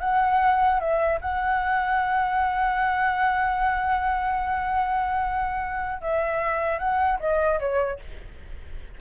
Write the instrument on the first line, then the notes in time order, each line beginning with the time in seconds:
flute
0.00 F#5
0.80 E5
1.21 F#5
6.01 E5
6.79 F#5
7.20 D#5
7.60 C#5